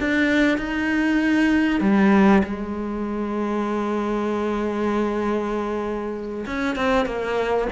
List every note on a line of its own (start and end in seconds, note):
0.00 0.58 D4
0.58 1.81 D#4
1.81 2.43 G3
2.43 6.46 G#3
6.46 6.76 C#4
6.76 7.06 C4
7.06 7.68 A#3